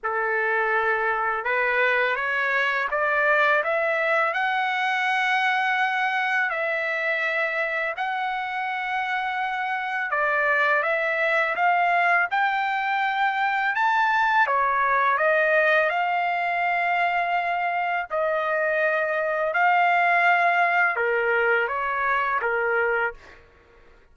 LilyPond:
\new Staff \with { instrumentName = "trumpet" } { \time 4/4 \tempo 4 = 83 a'2 b'4 cis''4 | d''4 e''4 fis''2~ | fis''4 e''2 fis''4~ | fis''2 d''4 e''4 |
f''4 g''2 a''4 | cis''4 dis''4 f''2~ | f''4 dis''2 f''4~ | f''4 ais'4 cis''4 ais'4 | }